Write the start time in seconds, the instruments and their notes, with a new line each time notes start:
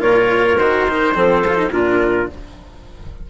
0.00 bassoon A#2, cello F4, clarinet A#4, trumpet C#5
0.58 bassoon D#3, cello F#4, trumpet C5
0.90 cello D#4
1.15 bassoon F3, cello C4, clarinet A4
1.47 cello F4
1.56 cello D#4
1.71 bassoon A#2, cello D4, clarinet F4, trumpet A#4